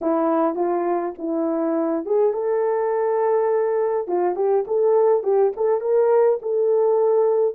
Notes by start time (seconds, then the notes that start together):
0.01 E4
0.55 F4
1.18 E4
2.05 G#4
2.33 A4
4.07 F4
4.35 G4
4.67 A4
5.23 G4
5.56 A4
5.80 A#4
6.42 A4